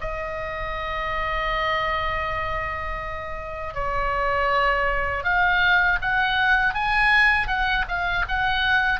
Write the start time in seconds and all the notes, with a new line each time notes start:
0.00 D#5
3.74 C#5
5.24 F5
6.01 F#5
6.74 G#5
7.47 F#5
7.88 F5
8.28 F#5